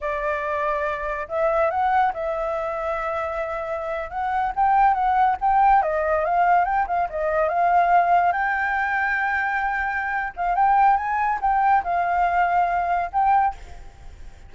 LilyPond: \new Staff \with { instrumentName = "flute" } { \time 4/4 \tempo 4 = 142 d''2. e''4 | fis''4 e''2.~ | e''4.~ e''16 fis''4 g''4 fis''16~ | fis''8. g''4 dis''4 f''4 g''16~ |
g''16 f''8 dis''4 f''2 g''16~ | g''1~ | g''8 f''8 g''4 gis''4 g''4 | f''2. g''4 | }